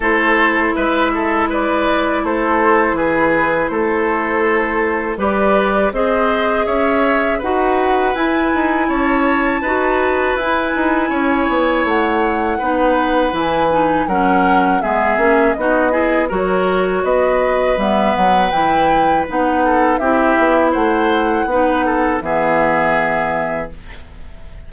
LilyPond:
<<
  \new Staff \with { instrumentName = "flute" } { \time 4/4 \tempo 4 = 81 c''4 e''4 d''4 c''4 | b'4 c''2 d''4 | dis''4 e''4 fis''4 gis''4 | a''2 gis''2 |
fis''2 gis''4 fis''4 | e''4 dis''4 cis''4 dis''4 | e''8 fis''8 g''4 fis''4 e''4 | fis''2 e''2 | }
  \new Staff \with { instrumentName = "oboe" } { \time 4/4 a'4 b'8 a'8 b'4 a'4 | gis'4 a'2 b'4 | c''4 cis''4 b'2 | cis''4 b'2 cis''4~ |
cis''4 b'2 ais'4 | gis'4 fis'8 gis'8 ais'4 b'4~ | b'2~ b'8 a'8 g'4 | c''4 b'8 a'8 gis'2 | }
  \new Staff \with { instrumentName = "clarinet" } { \time 4/4 e'1~ | e'2. g'4 | gis'2 fis'4 e'4~ | e'4 fis'4 e'2~ |
e'4 dis'4 e'8 dis'8 cis'4 | b8 cis'8 dis'8 e'8 fis'2 | b4 e'4 dis'4 e'4~ | e'4 dis'4 b2 | }
  \new Staff \with { instrumentName = "bassoon" } { \time 4/4 a4 gis2 a4 | e4 a2 g4 | c'4 cis'4 dis'4 e'8 dis'8 | cis'4 dis'4 e'8 dis'8 cis'8 b8 |
a4 b4 e4 fis4 | gis8 ais8 b4 fis4 b4 | g8 fis8 e4 b4 c'8 b8 | a4 b4 e2 | }
>>